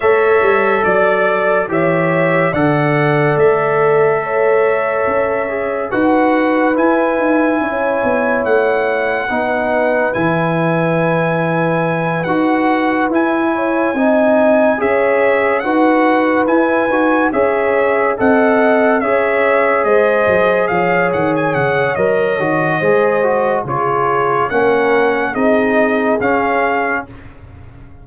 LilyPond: <<
  \new Staff \with { instrumentName = "trumpet" } { \time 4/4 \tempo 4 = 71 e''4 d''4 e''4 fis''4 | e''2. fis''4 | gis''2 fis''2 | gis''2~ gis''8 fis''4 gis''8~ |
gis''4. e''4 fis''4 gis''8~ | gis''8 e''4 fis''4 e''4 dis''8~ | dis''8 f''8 fis''16 gis''16 fis''8 dis''2 | cis''4 fis''4 dis''4 f''4 | }
  \new Staff \with { instrumentName = "horn" } { \time 4/4 cis''4 d''4 cis''4 d''4~ | d''4 cis''2 b'4~ | b'4 cis''2 b'4~ | b'1 |
cis''8 dis''4 cis''4 b'4.~ | b'8 cis''4 dis''4 cis''4 c''8~ | c''8 cis''2~ cis''8 c''4 | gis'4 ais'4 gis'2 | }
  \new Staff \with { instrumentName = "trombone" } { \time 4/4 a'2 g'4 a'4~ | a'2~ a'8 gis'8 fis'4 | e'2. dis'4 | e'2~ e'8 fis'4 e'8~ |
e'8 dis'4 gis'4 fis'4 e'8 | fis'8 gis'4 a'4 gis'4.~ | gis'2 ais'8 fis'8 gis'8 fis'8 | f'4 cis'4 dis'4 cis'4 | }
  \new Staff \with { instrumentName = "tuba" } { \time 4/4 a8 g8 fis4 e4 d4 | a2 cis'4 dis'4 | e'8 dis'8 cis'8 b8 a4 b4 | e2~ e8 dis'4 e'8~ |
e'8 c'4 cis'4 dis'4 e'8 | dis'8 cis'4 c'4 cis'4 gis8 | fis8 f8 dis8 cis8 fis8 dis8 gis4 | cis4 ais4 c'4 cis'4 | }
>>